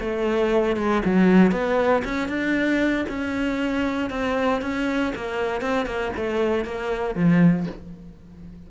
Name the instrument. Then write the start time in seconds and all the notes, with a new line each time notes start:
cello
0.00 A3
0.76 G#3
1.05 F#3
1.51 B3
2.04 C#4
2.28 D4
3.09 C#4
4.10 C4
4.62 C#4
5.15 A#3
5.61 C4
5.86 A#3
6.16 A3
6.65 A#3
7.15 F3